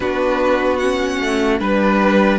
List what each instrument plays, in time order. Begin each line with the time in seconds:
0.00 cello B3, viola D4, violin F#4 B4
0.77 viola C#4, violin F#5
1.20 cello A3
1.59 cello G3, viola D4, violin B4